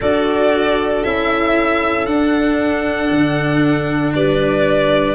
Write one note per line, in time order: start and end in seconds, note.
0.00 1.04 D4
0.00 1.03 F#4
0.00 4.12 A4
0.00 1.03 D5
1.03 2.07 C#4
1.03 2.06 E4
1.03 2.06 E5
2.06 5.15 D4
2.06 3.10 D4
2.06 4.12 F#5
3.10 4.13 D3
4.14 5.15 G3
4.14 5.15 B4
4.14 5.15 D5